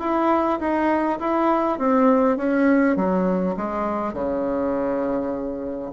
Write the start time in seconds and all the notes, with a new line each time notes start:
0.00 E4
0.60 D#4
1.20 E4
1.79 C4
2.37 C#4
2.96 F#3
3.57 G#3
4.14 C#3